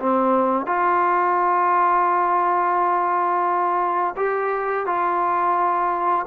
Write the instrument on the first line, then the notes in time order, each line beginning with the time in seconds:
trombone
0.00 C4
0.66 F4
4.17 G4
4.86 F4